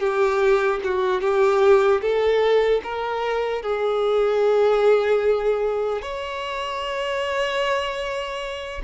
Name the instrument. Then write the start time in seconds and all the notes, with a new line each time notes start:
violin
0.00 G4
0.84 F#4
1.21 G4
2.01 A4
2.84 A#4
3.62 G#4
6.02 C#5